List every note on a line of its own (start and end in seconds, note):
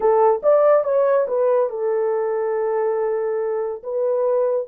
0.00 0.41 A4
0.42 0.84 D5
0.84 1.26 C#5
1.27 1.69 B4
1.69 3.82 A4
3.83 4.67 B4